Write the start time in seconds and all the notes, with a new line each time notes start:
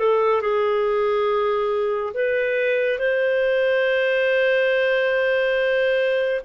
0.00 A4
0.42 G#4
2.14 B4
2.99 C5